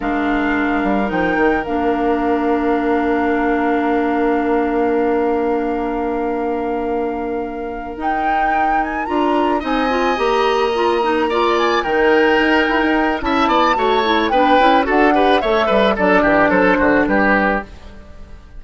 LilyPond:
<<
  \new Staff \with { instrumentName = "flute" } { \time 4/4 \tempo 4 = 109 f''2 g''4 f''4~ | f''1~ | f''1~ | f''2~ f''8 g''4. |
gis''8 ais''4 gis''4 ais''4.~ | ais''4 gis''8 g''2~ g''8 | a''2 g''4 fis''4 | e''4 d''4 c''4 b'4 | }
  \new Staff \with { instrumentName = "oboe" } { \time 4/4 ais'1~ | ais'1~ | ais'1~ | ais'1~ |
ais'4. dis''2~ dis''8~ | dis''8 d''4 ais'2~ ais'8 | e''8 d''8 cis''4 b'4 a'8 b'8 | cis''8 b'8 a'8 g'8 a'8 fis'8 g'4 | }
  \new Staff \with { instrumentName = "clarinet" } { \time 4/4 d'2 dis'4 d'4~ | d'1~ | d'1~ | d'2~ d'8 dis'4.~ |
dis'8 f'4 dis'8 f'8 g'4 f'8 | dis'8 f'4 dis'2~ dis'8 | e'4 fis'8 e'8 d'8 e'8 fis'8 g'8 | a'4 d'2. | }
  \new Staff \with { instrumentName = "bassoon" } { \time 4/4 gis4. g8 f8 dis8 ais4~ | ais1~ | ais1~ | ais2~ ais8 dis'4.~ |
dis'8 d'4 c'4 ais4.~ | ais4. dis4 dis'8 e'16 dis'8. | cis'8 b8 a4 b8 cis'8 d'4 | a8 g8 fis8 e8 fis8 d8 g4 | }
>>